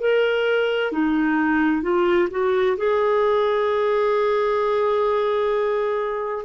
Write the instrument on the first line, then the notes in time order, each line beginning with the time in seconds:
clarinet
0.00 A#4
0.92 D#4
1.82 F4
2.31 F#4
2.77 G#4